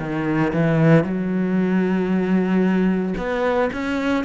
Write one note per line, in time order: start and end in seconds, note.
0.00 0.53 D#3
0.54 1.04 E3
1.04 3.14 F#3
3.18 3.70 B3
3.73 4.25 C#4